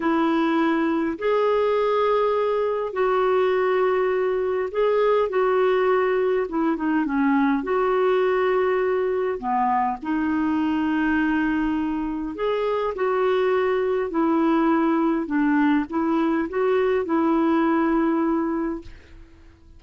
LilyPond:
\new Staff \with { instrumentName = "clarinet" } { \time 4/4 \tempo 4 = 102 e'2 gis'2~ | gis'4 fis'2. | gis'4 fis'2 e'8 dis'8 | cis'4 fis'2. |
b4 dis'2.~ | dis'4 gis'4 fis'2 | e'2 d'4 e'4 | fis'4 e'2. | }